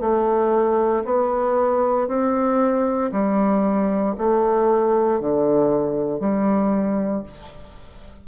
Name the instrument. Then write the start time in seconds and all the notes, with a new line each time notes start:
bassoon
0.00 A3
1.04 B3
2.07 C4
3.12 G3
4.18 A3
5.20 D3
6.19 G3